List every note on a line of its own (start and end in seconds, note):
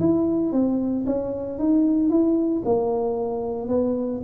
0.00 0.52 E4
0.52 1.05 C4
1.06 1.59 C#4
1.59 2.10 D#4
2.10 2.63 E4
2.65 3.69 A#3
3.69 4.22 B3